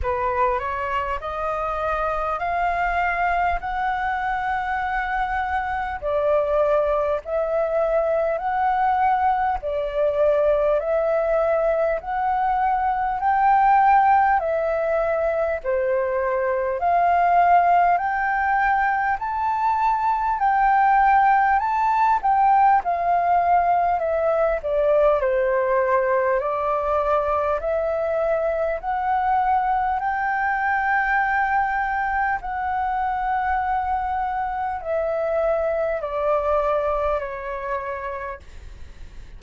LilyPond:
\new Staff \with { instrumentName = "flute" } { \time 4/4 \tempo 4 = 50 b'8 cis''8 dis''4 f''4 fis''4~ | fis''4 d''4 e''4 fis''4 | d''4 e''4 fis''4 g''4 | e''4 c''4 f''4 g''4 |
a''4 g''4 a''8 g''8 f''4 | e''8 d''8 c''4 d''4 e''4 | fis''4 g''2 fis''4~ | fis''4 e''4 d''4 cis''4 | }